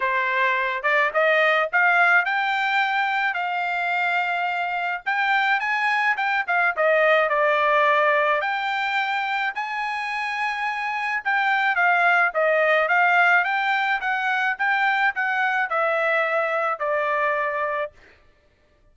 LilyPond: \new Staff \with { instrumentName = "trumpet" } { \time 4/4 \tempo 4 = 107 c''4. d''8 dis''4 f''4 | g''2 f''2~ | f''4 g''4 gis''4 g''8 f''8 | dis''4 d''2 g''4~ |
g''4 gis''2. | g''4 f''4 dis''4 f''4 | g''4 fis''4 g''4 fis''4 | e''2 d''2 | }